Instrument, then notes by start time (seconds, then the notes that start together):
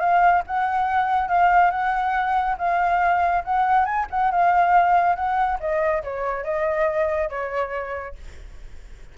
flute
0.00 F5
0.47 F#5
1.29 F5
1.71 F#5
2.58 F5
3.45 F#5
3.85 G#5
4.11 F#5
4.31 F5
5.16 F#5
5.60 D#5
6.03 C#5
6.44 D#5
7.30 C#5